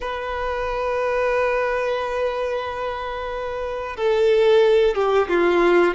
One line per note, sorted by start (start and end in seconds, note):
0.00 3.96 B4
3.96 4.95 A4
4.95 5.27 G4
5.28 5.94 F4